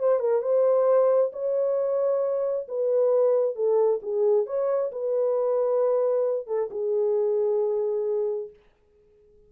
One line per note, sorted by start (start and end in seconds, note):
0.00 0.20 C5
0.20 0.42 A#4
0.42 1.32 C5
1.33 2.67 C#5
2.68 3.56 B4
3.56 4.01 A4
4.03 4.47 G#4
4.47 4.92 C#5
4.93 6.47 B4
6.47 6.70 A4
6.71 8.50 G#4